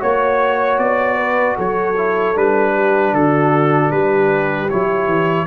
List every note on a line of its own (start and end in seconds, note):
0.00 0.79 A#3
0.00 1.95 F#4
0.00 1.17 C#5
0.00 0.79 C#5
0.79 1.57 B3
0.79 1.57 D5
1.17 1.56 B4
1.57 2.36 F#3
1.57 2.74 A4
1.57 2.37 C#5
1.98 2.35 E4
2.35 3.13 G3
2.35 4.69 D4
2.35 3.15 B4
2.75 3.14 G4
3.13 3.91 D3
3.13 3.94 F#4
3.13 3.92 A4
3.92 4.70 G3
3.92 5.47 G4
3.92 4.70 B4
4.70 5.07 F#3
4.70 5.47 E4
4.70 5.47 C#5
5.07 5.46 E3